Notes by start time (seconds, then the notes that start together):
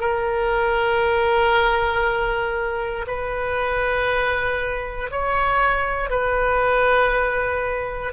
0.00 A#4
3.07 B4
5.11 C#5
6.10 B4